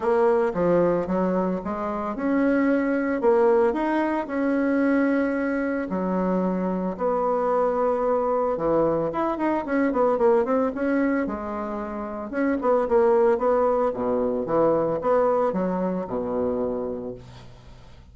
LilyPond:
\new Staff \with { instrumentName = "bassoon" } { \time 4/4 \tempo 4 = 112 ais4 f4 fis4 gis4 | cis'2 ais4 dis'4 | cis'2. fis4~ | fis4 b2. |
e4 e'8 dis'8 cis'8 b8 ais8 c'8 | cis'4 gis2 cis'8 b8 | ais4 b4 b,4 e4 | b4 fis4 b,2 | }